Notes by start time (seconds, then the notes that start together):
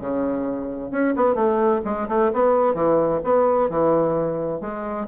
0.00 C#3
0.91 C#4
1.16 B3
1.34 A3
1.85 G#3
2.09 A3
2.33 B3
2.74 E3
3.24 B3
3.69 E3
4.60 G#3